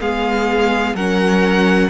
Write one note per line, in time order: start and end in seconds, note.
0.00 0.94 G#3
0.00 0.95 B3
0.00 0.95 G#4
0.00 0.96 F5
0.94 1.90 F#3
0.94 1.90 C#4
0.94 1.90 A#4
0.94 1.90 F#5